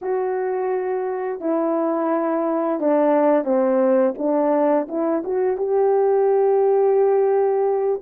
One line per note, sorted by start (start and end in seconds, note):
0.01 1.40 F#4
1.40 2.79 E4
2.80 3.44 D4
3.44 4.14 C4
4.18 4.87 D4
4.88 5.23 E4
5.24 5.57 F#4
5.57 8.01 G4